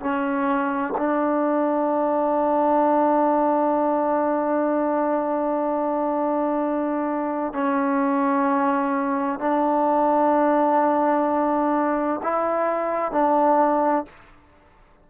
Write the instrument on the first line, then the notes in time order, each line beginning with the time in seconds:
trombone
0.00 C#4
0.97 D4
7.53 C#4
9.39 D4
12.23 E4
13.12 D4